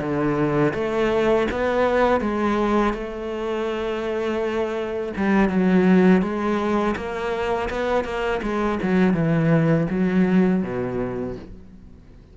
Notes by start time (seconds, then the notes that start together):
0.00 D3
0.74 A3
1.51 B3
2.21 G#3
2.93 A3
5.17 G3
5.49 F#3
6.22 G#3
6.96 A#3
7.70 B3
8.04 A#3
8.42 G#3
8.82 F#3
9.13 E3
9.90 F#3
10.63 B2